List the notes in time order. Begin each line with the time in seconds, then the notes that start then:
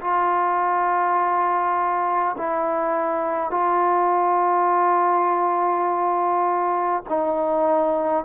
0.00 F4
2.37 E4
3.50 F4
7.09 D#4